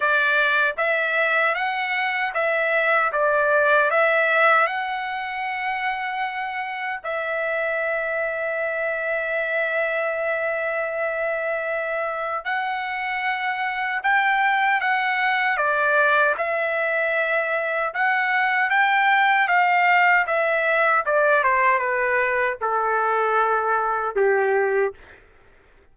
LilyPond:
\new Staff \with { instrumentName = "trumpet" } { \time 4/4 \tempo 4 = 77 d''4 e''4 fis''4 e''4 | d''4 e''4 fis''2~ | fis''4 e''2.~ | e''1 |
fis''2 g''4 fis''4 | d''4 e''2 fis''4 | g''4 f''4 e''4 d''8 c''8 | b'4 a'2 g'4 | }